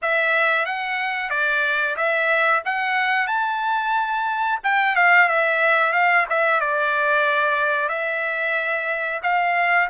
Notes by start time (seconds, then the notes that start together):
0.02 E5
0.65 F#5
1.30 D5
1.96 E5
2.65 F#5
3.27 A5
4.63 G5
4.95 F5
5.28 E5
5.93 F5
6.29 E5
6.60 D5
7.89 E5
9.22 F5